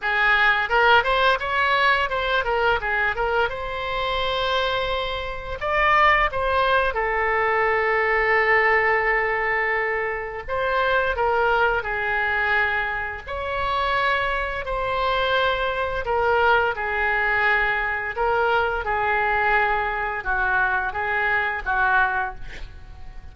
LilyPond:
\new Staff \with { instrumentName = "oboe" } { \time 4/4 \tempo 4 = 86 gis'4 ais'8 c''8 cis''4 c''8 ais'8 | gis'8 ais'8 c''2. | d''4 c''4 a'2~ | a'2. c''4 |
ais'4 gis'2 cis''4~ | cis''4 c''2 ais'4 | gis'2 ais'4 gis'4~ | gis'4 fis'4 gis'4 fis'4 | }